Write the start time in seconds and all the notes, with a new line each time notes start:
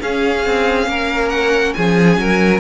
0.00 C#4 G#4 F5
0.46 C4
0.87 A#3 A#4
1.29 F#5
1.74 F3 G#4 G#5
2.18 F#3 A#4